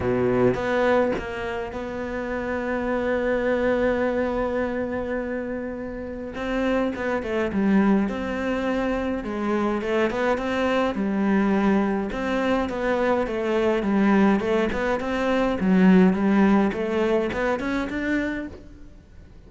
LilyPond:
\new Staff \with { instrumentName = "cello" } { \time 4/4 \tempo 4 = 104 b,4 b4 ais4 b4~ | b1~ | b2. c'4 | b8 a8 g4 c'2 |
gis4 a8 b8 c'4 g4~ | g4 c'4 b4 a4 | g4 a8 b8 c'4 fis4 | g4 a4 b8 cis'8 d'4 | }